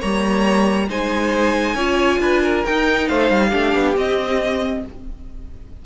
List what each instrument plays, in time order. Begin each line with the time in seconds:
0.00 cello G3, viola A#3, violin C#5 A#5
0.89 cello G#3, viola D#4, violin C5 G#5
1.75 cello C#4, viola F4, violin C#5
2.20 cello D4, violin B4
2.43 violin A#4
2.65 viola D#4, cello D#4, violin G5
3.08 cello A3, violin C5 F5
3.31 cello G3
3.49 cello A3, viola D4, violin G4
3.75 cello B3
3.96 viola C4, cello C4, violin D#5